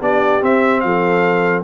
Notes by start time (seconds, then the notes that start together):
0.00 B3 D4 G4 D5
0.41 C4 E5
0.80 F3 A4 F5